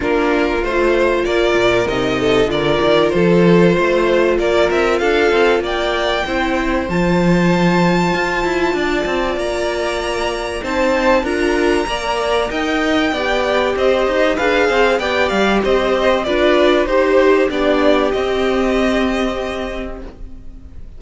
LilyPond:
<<
  \new Staff \with { instrumentName = "violin" } { \time 4/4 \tempo 4 = 96 ais'4 c''4 d''4 dis''4 | d''4 c''2 d''8 e''8 | f''4 g''2 a''4~ | a''2. ais''4~ |
ais''4 a''4 ais''2 | g''2 dis''4 f''4 | g''8 f''8 dis''4 d''4 c''4 | d''4 dis''2. | }
  \new Staff \with { instrumentName = "violin" } { \time 4/4 f'2 ais'4. a'8 | ais'4 a'4 c''4 ais'4 | a'4 d''4 c''2~ | c''2 d''2~ |
d''4 c''4 ais'4 d''4 | dis''4 d''4 c''4 b'8 c''8 | d''4 c''4 b'4 c''4 | g'1 | }
  \new Staff \with { instrumentName = "viola" } { \time 4/4 d'4 f'2 dis'4 | f'1~ | f'2 e'4 f'4~ | f'1~ |
f'4 dis'4 f'4 ais'4~ | ais'4 g'2 gis'4 | g'2 f'4 g'4 | d'4 c'2. | }
  \new Staff \with { instrumentName = "cello" } { \time 4/4 ais4 a4 ais8 ais,8 c4 | d8 dis8 f4 a4 ais8 c'8 | d'8 c'8 ais4 c'4 f4~ | f4 f'8 e'8 d'8 c'8 ais4~ |
ais4 c'4 d'4 ais4 | dis'4 b4 c'8 dis'8 d'8 c'8 | b8 g8 c'4 d'4 dis'4 | b4 c'2. | }
>>